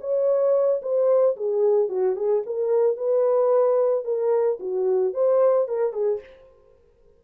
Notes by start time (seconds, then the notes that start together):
0.00 C#5
0.82 C5
1.36 G#4
1.88 F#4
2.15 G#4
2.46 A#4
2.97 B4
4.04 A#4
4.59 F#4
5.14 C5
5.68 A#4
5.93 G#4